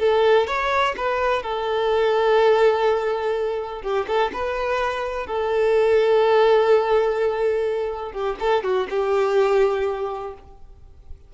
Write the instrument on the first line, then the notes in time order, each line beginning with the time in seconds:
violin
0.00 A4
0.47 C#5
0.98 B4
1.43 A4
3.83 G4
4.08 A4
4.34 B4
5.27 A4
8.13 G4
8.40 A4
8.64 F#4
8.90 G4